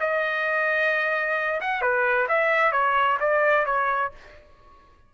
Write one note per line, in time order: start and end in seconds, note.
0.00 1.60 D#5
1.61 1.82 F#5
1.82 2.27 B4
2.28 2.72 E5
2.72 3.18 C#5
3.20 3.66 D5
3.66 4.12 C#5